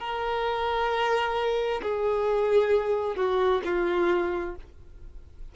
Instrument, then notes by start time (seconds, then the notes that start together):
violin
0.00 A#4
1.82 G#4
3.16 F#4
3.64 F4